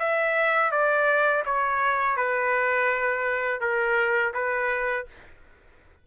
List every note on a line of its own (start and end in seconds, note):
0.00 0.72 E5
0.72 1.44 D5
1.46 2.17 C#5
2.17 3.61 B4
3.61 4.33 A#4
4.34 5.07 B4